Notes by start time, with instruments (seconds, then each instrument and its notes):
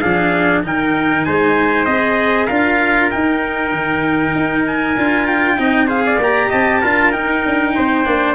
0.00 tuba F3, cello D4, trumpet G#4 F5
0.63 tuba D#3, cello D#4, trumpet A#4 G5
1.24 tuba G#3, trumpet C5 G#5
1.85 tuba C4, cello G#4, trumpet D#5
2.46 tuba D4, cello F4, trumpet A#4 F5
3.10 cello D#4, tuba D#4, trumpet G5
3.72 tuba D#3
4.35 tuba D#4
4.66 trumpet G#5
4.97 tuba D4, cello F4
5.26 trumpet G5
5.57 tuba C4, cello D#4, trumpet D#5
5.87 cello G#4, trumpet C5 F5
6.06 trumpet D5
6.18 tuba A#3, cello G4, trumpet A#5
6.49 tuba C4, trumpet D#5 A5
6.81 tuba D4, cello F4, trumpet A#4
7.12 cello D#4, tuba D#4, trumpet G5
7.45 tuba D4
7.75 tuba C4, trumpet C5
8.05 tuba A#3, cello D4